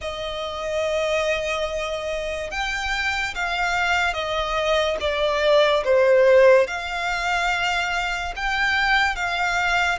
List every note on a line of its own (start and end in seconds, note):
0.01 2.50 D#5
2.50 3.34 G5
3.34 4.13 F5
4.13 4.97 D#5
5.00 5.83 D5
5.84 6.67 C5
6.67 8.33 F5
8.36 9.15 G5
9.15 9.98 F5